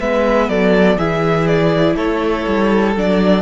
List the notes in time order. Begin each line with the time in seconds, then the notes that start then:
0.00 G#3 B3 B4 E5
0.49 F#3 A4 D5
0.97 E3 E4 G#4 E5
1.47 D5
1.96 A3 A4 C#5
2.47 G3
2.96 F#3 D4 D5